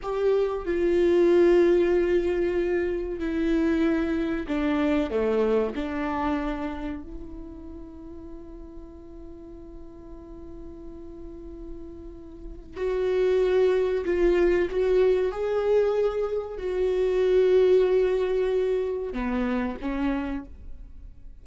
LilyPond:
\new Staff \with { instrumentName = "viola" } { \time 4/4 \tempo 4 = 94 g'4 f'2.~ | f'4 e'2 d'4 | a4 d'2 e'4~ | e'1~ |
e'1 | fis'2 f'4 fis'4 | gis'2 fis'2~ | fis'2 b4 cis'4 | }